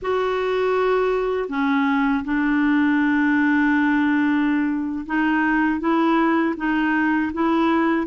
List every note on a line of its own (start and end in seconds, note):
0.02 1.49 F#4
1.49 2.24 C#4
2.24 5.05 D4
5.06 5.80 D#4
5.80 6.55 E4
6.57 7.32 D#4
7.33 8.06 E4